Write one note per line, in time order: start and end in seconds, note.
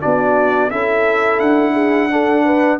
0.00 0.70 B3
0.00 0.70 D4
0.00 0.71 F#4
0.00 0.70 D5
0.70 1.40 C#4
0.70 2.10 E4
0.70 1.73 A4
0.70 1.39 E5
1.39 2.79 D4
1.39 2.79 F#5
1.73 2.08 G#4
2.10 2.79 D4
2.10 2.44 A4
2.44 2.79 B4